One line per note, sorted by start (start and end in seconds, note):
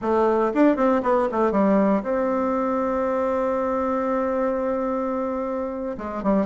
0.01 0.52 A3
0.53 0.76 D4
0.76 1.01 C4
1.02 1.28 B3
1.31 1.51 A3
1.51 2.02 G3
2.02 5.96 C4
5.97 6.23 G#3
6.23 6.46 G3